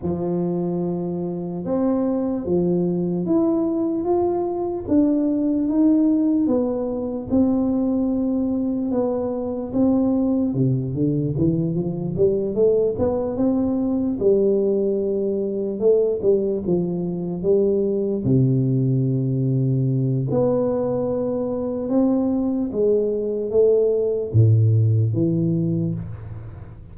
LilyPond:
\new Staff \with { instrumentName = "tuba" } { \time 4/4 \tempo 4 = 74 f2 c'4 f4 | e'4 f'4 d'4 dis'4 | b4 c'2 b4 | c'4 c8 d8 e8 f8 g8 a8 |
b8 c'4 g2 a8 | g8 f4 g4 c4.~ | c4 b2 c'4 | gis4 a4 a,4 e4 | }